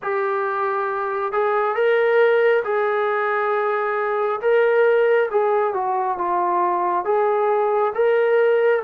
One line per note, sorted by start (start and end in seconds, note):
0.02 1.32 G4
1.32 1.74 G#4
1.74 2.63 A#4
2.64 4.40 G#4
4.41 5.29 A#4
5.30 5.74 G#4
5.74 6.18 F#4
6.18 7.04 F4
7.04 7.93 G#4
7.94 8.82 A#4